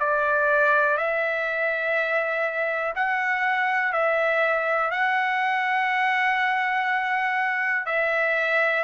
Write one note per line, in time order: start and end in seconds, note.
0.00 0.97 D5
0.97 2.94 E5
2.96 3.93 F#5
3.93 4.91 E5
4.91 7.86 F#5
7.86 8.84 E5